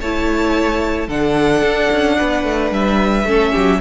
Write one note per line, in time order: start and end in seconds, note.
0.00 1.08 A3
0.00 1.09 E4
0.00 1.07 C#5
0.00 1.09 A5
1.07 1.62 D3
1.07 3.27 D4
1.07 2.16 A4
1.07 2.73 F#5
1.62 1.89 D4
1.91 2.19 C#4
2.18 2.44 B3
2.18 3.27 B4
2.44 2.71 A3
2.71 3.24 G3
2.71 3.81 E5
3.24 3.51 A3
3.24 3.81 C#4
3.24 3.52 A4
3.52 3.81 F#3
3.52 3.79 G4